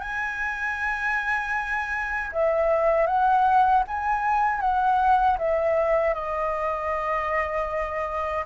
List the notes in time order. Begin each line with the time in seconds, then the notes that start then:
0.00 G#5
2.32 E5
3.06 F#5
3.87 G#5
4.60 F#5
5.38 E5
6.14 D#5